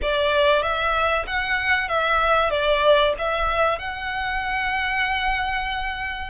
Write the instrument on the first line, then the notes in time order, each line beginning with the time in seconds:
violin
0.02 D5
0.62 E5
1.26 F#5
1.88 E5
2.50 D5
3.18 E5
3.78 F#5